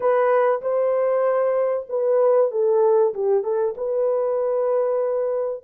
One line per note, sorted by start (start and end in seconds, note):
0.00 0.61 B4
0.61 1.86 C5
1.89 2.51 B4
2.51 3.13 A4
3.13 3.43 G4
3.43 3.74 A4
3.77 5.64 B4